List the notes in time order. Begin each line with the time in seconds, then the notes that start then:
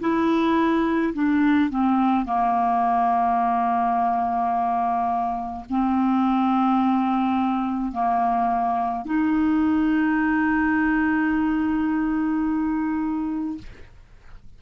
0.00 E4
1.14 D4
1.70 C4
2.25 A#3
5.70 C4
7.92 A#3
9.05 D#4